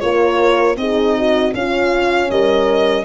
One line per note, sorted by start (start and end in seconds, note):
0.00 0.76 A#3
0.00 0.77 F4
0.00 0.79 A#4
0.00 0.76 C#5
0.76 1.52 C4
0.76 1.54 D#4
0.76 1.17 G#4
0.76 1.54 D#5
1.17 1.55 F#4
1.53 2.29 C#4
1.53 3.04 C#4
1.53 2.31 F4
1.53 2.30 F5
2.30 3.04 G3
2.30 3.04 A#4
2.30 3.04 D#5